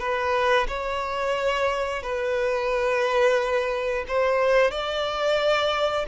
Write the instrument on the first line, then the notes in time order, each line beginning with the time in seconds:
violin
0.00 B4
0.68 C#5
2.03 B4
4.08 C5
4.71 D5